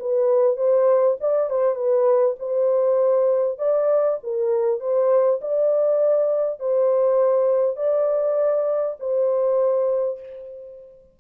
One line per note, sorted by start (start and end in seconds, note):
0.00 0.57 B4
0.57 1.17 C5
1.21 1.51 D5
1.51 1.76 C5
1.76 2.36 B4
2.40 3.59 C5
3.59 4.19 D5
4.24 4.81 A#4
4.81 5.41 C5
5.42 6.60 D5
6.60 7.77 C5
7.77 8.97 D5
9.00 10.20 C5